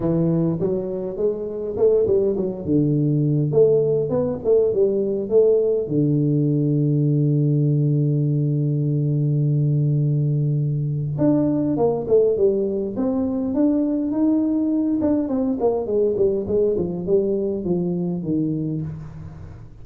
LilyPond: \new Staff \with { instrumentName = "tuba" } { \time 4/4 \tempo 4 = 102 e4 fis4 gis4 a8 g8 | fis8 d4. a4 b8 a8 | g4 a4 d2~ | d1~ |
d2. d'4 | ais8 a8 g4 c'4 d'4 | dis'4. d'8 c'8 ais8 gis8 g8 | gis8 f8 g4 f4 dis4 | }